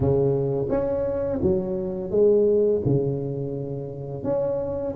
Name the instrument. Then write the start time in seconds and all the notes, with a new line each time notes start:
tuba
0.00 C#3
0.69 C#4
1.41 F#3
2.10 G#3
2.85 C#3
4.23 C#4